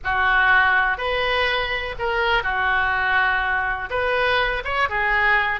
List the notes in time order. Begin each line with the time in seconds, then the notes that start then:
0.04 F#4
0.97 B4
1.98 A#4
2.43 F#4
3.90 B4
4.64 C#5
4.89 G#4